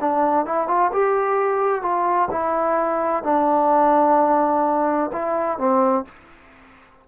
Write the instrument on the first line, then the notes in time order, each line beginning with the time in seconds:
trombone
0.00 D4
0.45 E4
0.67 F4
0.92 G4
1.82 F4
2.31 E4
3.23 D4
5.12 E4
5.57 C4